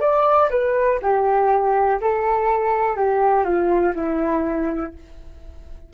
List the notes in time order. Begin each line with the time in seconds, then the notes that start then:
0.00 D5
0.50 B4
1.02 G4
2.01 A4
2.96 G4
3.44 F4
3.95 E4